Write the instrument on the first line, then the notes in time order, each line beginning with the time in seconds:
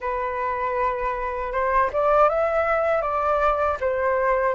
flute
0.00 B4
1.52 C5
1.92 D5
2.29 E5
3.01 D5
3.80 C5